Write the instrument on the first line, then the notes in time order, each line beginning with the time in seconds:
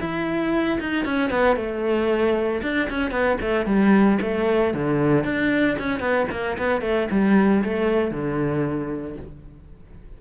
cello
0.00 E4
0.80 D#4
1.05 C#4
1.30 B3
1.56 A3
2.62 D4
2.90 C#4
3.11 B3
3.41 A3
3.66 G3
4.22 A3
4.74 D3
5.24 D4
5.79 C#4
6.00 B3
6.31 A#3
6.58 B3
6.81 A3
7.11 G3
7.64 A3
8.11 D3